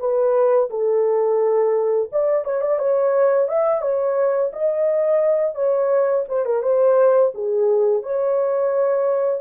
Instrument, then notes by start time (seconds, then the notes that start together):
horn
0.00 B4
0.70 A4
2.12 D5
2.45 C#5
2.62 D5
2.79 C#5
3.49 E5
3.82 C#5
4.53 D#5
5.55 C#5
6.29 C5
6.46 A#4
6.63 C5
7.35 G#4
8.03 C#5